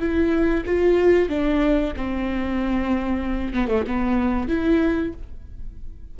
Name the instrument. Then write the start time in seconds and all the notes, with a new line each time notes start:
viola
0.00 E4
0.66 F4
1.29 D4
1.97 C4
3.54 B3
3.68 A3
3.87 B3
4.49 E4